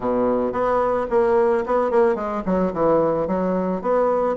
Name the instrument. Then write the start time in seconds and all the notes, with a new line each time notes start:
bassoon
0.00 B2
0.52 B3
1.09 A#3
1.66 B3
1.90 A#3
2.15 G#3
2.45 F#3
2.73 E3
3.27 F#3
3.81 B3